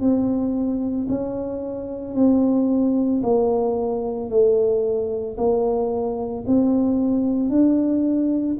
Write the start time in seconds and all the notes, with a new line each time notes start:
0.00 C4
1.09 C#4
2.14 C4
3.23 A#3
4.30 A3
5.37 A#3
6.47 C4
7.50 D4